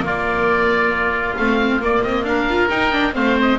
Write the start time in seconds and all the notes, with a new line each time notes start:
0.00 A#3 F4
0.07 D5
1.37 A3 C4 F5
1.81 A#3 D5
2.03 C4 D#5
2.24 D4 A#4 F5
2.50 F4
2.70 D#4 G5
2.92 D4
3.13 A3 C4 C5 F5
3.42 D#5